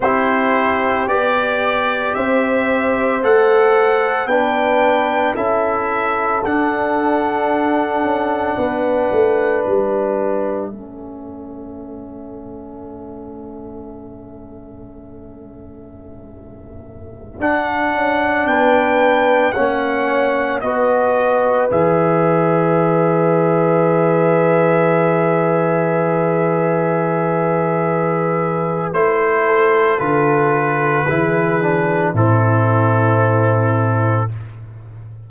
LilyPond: <<
  \new Staff \with { instrumentName = "trumpet" } { \time 4/4 \tempo 4 = 56 c''4 d''4 e''4 fis''4 | g''4 e''4 fis''2~ | fis''4 e''2.~ | e''1~ |
e''16 fis''4 g''4 fis''4 dis''8.~ | dis''16 e''2.~ e''8.~ | e''2. c''4 | b'2 a'2 | }
  \new Staff \with { instrumentName = "horn" } { \time 4/4 g'2 c''2 | b'4 a'2. | b'2 a'2~ | a'1~ |
a'4~ a'16 b'4 cis''4 b'8.~ | b'1~ | b'2.~ b'8 a'8~ | a'4 gis'4 e'2 | }
  \new Staff \with { instrumentName = "trombone" } { \time 4/4 e'4 g'2 a'4 | d'4 e'4 d'2~ | d'2 cis'2~ | cis'1~ |
cis'16 d'2 cis'4 fis'8.~ | fis'16 gis'2.~ gis'8.~ | gis'2. e'4 | f'4 e'8 d'8 c'2 | }
  \new Staff \with { instrumentName = "tuba" } { \time 4/4 c'4 b4 c'4 a4 | b4 cis'4 d'4. cis'8 | b8 a8 g4 a2~ | a1~ |
a16 d'8 cis'8 b4 ais4 b8.~ | b16 e2.~ e8.~ | e2. a4 | d4 e4 a,2 | }
>>